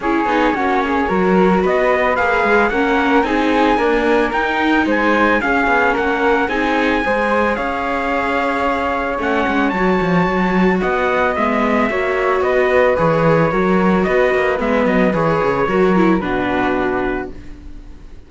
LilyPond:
<<
  \new Staff \with { instrumentName = "trumpet" } { \time 4/4 \tempo 4 = 111 cis''2. dis''4 | f''4 fis''4 gis''2 | g''4 gis''4 f''4 fis''4 | gis''2 f''2~ |
f''4 fis''4 a''2 | fis''4 e''2 dis''4 | cis''2 dis''4 e''8 dis''8 | cis''2 b'2 | }
  \new Staff \with { instrumentName = "flute" } { \time 4/4 gis'4 fis'8 gis'8 ais'4 b'4~ | b'4 ais'4 gis'4 ais'4~ | ais'4 c''4 gis'4 ais'4 | gis'4 c''4 cis''2~ |
cis''1 | dis''2 cis''4 b'4~ | b'4 ais'4 b'2~ | b'4 ais'4 fis'2 | }
  \new Staff \with { instrumentName = "viola" } { \time 4/4 e'8 dis'8 cis'4 fis'2 | gis'4 cis'4 dis'4 ais4 | dis'2 cis'2 | dis'4 gis'2.~ |
gis'4 cis'4 fis'2~ | fis'4 b4 fis'2 | gis'4 fis'2 b4 | gis'4 fis'8 e'8 d'2 | }
  \new Staff \with { instrumentName = "cello" } { \time 4/4 cis'8 b8 ais4 fis4 b4 | ais8 gis8 ais4 c'4 d'4 | dis'4 gis4 cis'8 b8 ais4 | c'4 gis4 cis'2~ |
cis'4 a8 gis8 fis8 f8 fis4 | b4 gis4 ais4 b4 | e4 fis4 b8 ais8 gis8 fis8 | e8 cis8 fis4 b,2 | }
>>